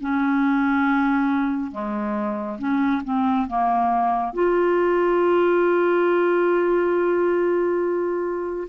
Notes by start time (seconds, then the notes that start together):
0.00 C#4
1.71 G#3
2.58 C#4
3.04 C4
3.47 A#3
4.33 F4